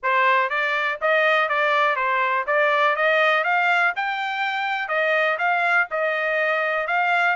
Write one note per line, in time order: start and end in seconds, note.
0.02 0.49 C5
0.49 0.98 D5
1.01 1.49 D#5
1.49 1.95 D5
1.95 2.45 C5
2.47 2.96 D5
2.96 3.44 D#5
3.44 3.93 F5
3.95 4.88 G5
4.88 5.37 D#5
5.38 5.87 F5
5.90 6.87 D#5
6.87 7.36 F5